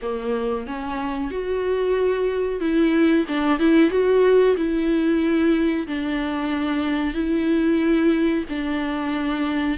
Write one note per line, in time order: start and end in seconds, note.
0.01 0.66 A#3
0.66 1.30 C#4
1.30 2.60 F#4
2.60 3.25 E4
3.28 3.59 D4
3.59 3.90 E4
3.90 4.55 F#4
4.56 5.86 E4
5.87 7.14 D4
7.14 8.44 E4
8.49 9.77 D4